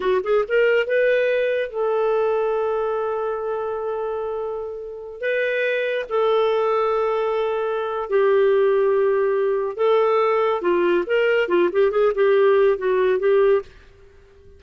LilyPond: \new Staff \with { instrumentName = "clarinet" } { \time 4/4 \tempo 4 = 141 fis'8 gis'8 ais'4 b'2 | a'1~ | a'1~ | a'16 b'2 a'4.~ a'16~ |
a'2. g'4~ | g'2. a'4~ | a'4 f'4 ais'4 f'8 g'8 | gis'8 g'4. fis'4 g'4 | }